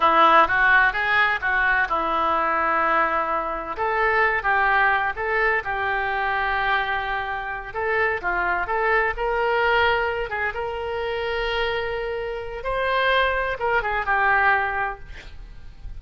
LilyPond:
\new Staff \with { instrumentName = "oboe" } { \time 4/4 \tempo 4 = 128 e'4 fis'4 gis'4 fis'4 | e'1 | a'4. g'4. a'4 | g'1~ |
g'8 a'4 f'4 a'4 ais'8~ | ais'2 gis'8 ais'4.~ | ais'2. c''4~ | c''4 ais'8 gis'8 g'2 | }